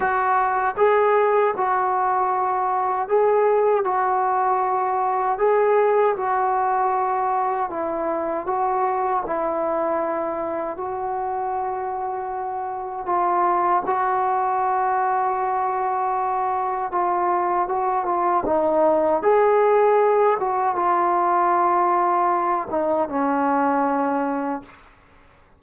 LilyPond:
\new Staff \with { instrumentName = "trombone" } { \time 4/4 \tempo 4 = 78 fis'4 gis'4 fis'2 | gis'4 fis'2 gis'4 | fis'2 e'4 fis'4 | e'2 fis'2~ |
fis'4 f'4 fis'2~ | fis'2 f'4 fis'8 f'8 | dis'4 gis'4. fis'8 f'4~ | f'4. dis'8 cis'2 | }